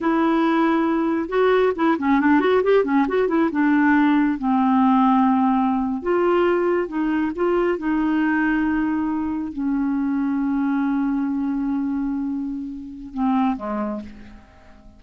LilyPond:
\new Staff \with { instrumentName = "clarinet" } { \time 4/4 \tempo 4 = 137 e'2. fis'4 | e'8 cis'8 d'8 fis'8 g'8 cis'8 fis'8 e'8 | d'2 c'2~ | c'4.~ c'16 f'2 dis'16~ |
dis'8. f'4 dis'2~ dis'16~ | dis'4.~ dis'16 cis'2~ cis'16~ | cis'1~ | cis'2 c'4 gis4 | }